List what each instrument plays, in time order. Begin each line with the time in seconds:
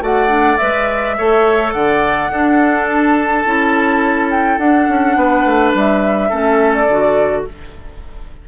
0.00 bassoon A3, clarinet F#4, oboe D5, flute F#5
0.28 clarinet D4
0.57 bassoon G#3, clarinet B4, flute E5
1.17 bassoon A3, clarinet A4, oboe C#5
1.72 bassoon D3, oboe D5, flute F#5
2.30 bassoon D4, clarinet D4, oboe A4
2.87 flute A5
3.45 bassoon C#4, clarinet E4
4.30 flute G5
4.58 bassoon D4, clarinet D4, flute F#5
4.88 bassoon C#4
5.16 bassoon B3, oboe B4
5.45 bassoon A3
5.74 bassoon G3, flute E5
6.29 bassoon A3, clarinet C#4, oboe A4
6.73 flute D5
6.87 bassoon D3, clarinet F#4